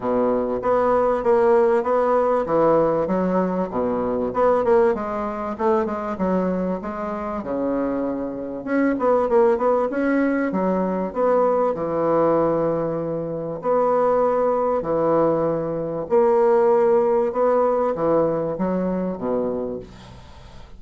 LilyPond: \new Staff \with { instrumentName = "bassoon" } { \time 4/4 \tempo 4 = 97 b,4 b4 ais4 b4 | e4 fis4 b,4 b8 ais8 | gis4 a8 gis8 fis4 gis4 | cis2 cis'8 b8 ais8 b8 |
cis'4 fis4 b4 e4~ | e2 b2 | e2 ais2 | b4 e4 fis4 b,4 | }